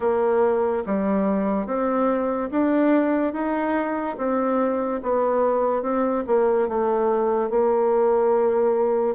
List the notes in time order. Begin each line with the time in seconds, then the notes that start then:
0.00 A#3
0.86 G3
1.66 C4
2.51 D4
3.33 D#4
4.17 C4
5.02 B3
5.82 C4
6.26 A#3
6.68 A3
7.50 A#3